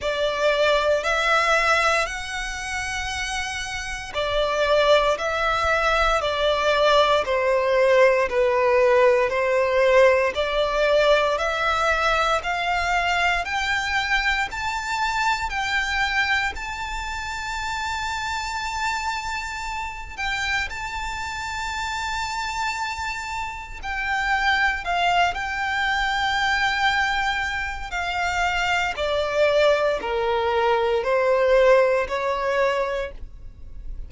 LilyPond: \new Staff \with { instrumentName = "violin" } { \time 4/4 \tempo 4 = 58 d''4 e''4 fis''2 | d''4 e''4 d''4 c''4 | b'4 c''4 d''4 e''4 | f''4 g''4 a''4 g''4 |
a''2.~ a''8 g''8 | a''2. g''4 | f''8 g''2~ g''8 f''4 | d''4 ais'4 c''4 cis''4 | }